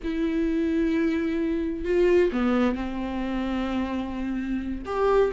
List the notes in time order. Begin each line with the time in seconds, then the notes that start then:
0.03 E4
1.84 F4
2.32 B3
2.75 C4
4.85 G4